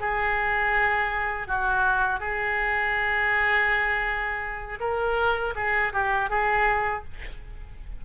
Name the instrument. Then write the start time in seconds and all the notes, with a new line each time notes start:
oboe
0.00 G#4
1.47 F#4
2.20 G#4
4.80 A#4
5.55 G#4
5.93 G4
6.29 G#4